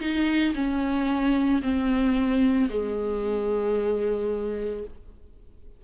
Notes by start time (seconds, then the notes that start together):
0.00 D#4
0.54 C#4
1.62 C4
2.69 G#3